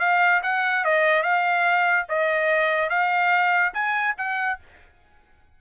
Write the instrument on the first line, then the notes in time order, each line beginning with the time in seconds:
trumpet
0.00 F5
0.43 F#5
0.85 D#5
1.23 F5
2.09 D#5
2.90 F5
3.74 G#5
4.18 F#5